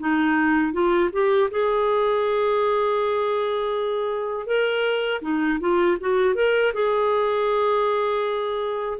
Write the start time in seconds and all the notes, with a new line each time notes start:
0.00 D#4
0.73 F4
1.13 G4
1.51 G#4
4.47 A#4
5.22 D#4
5.60 F4
6.01 F#4
6.35 A#4
6.74 G#4